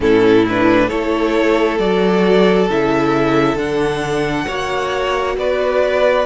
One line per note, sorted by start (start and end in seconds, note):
0.00 0.89 A2
0.00 0.43 C#4
0.00 0.87 E4
0.00 0.46 A4
0.49 0.90 D4
0.49 0.88 B4
0.87 1.79 A3
0.87 1.79 E4
0.87 4.45 A4
0.87 1.78 C#5
1.79 2.68 F#3
1.79 2.68 F#4
1.79 2.68 D5
2.68 3.55 C#3
2.68 3.58 E4
2.68 3.57 E5
3.55 4.45 D3
3.55 4.48 D4
3.55 5.36 F#5
4.47 5.36 A#3
4.47 6.25 F#4
4.47 5.36 C#5
5.36 6.25 B3
5.36 6.25 B4
5.36 6.25 D5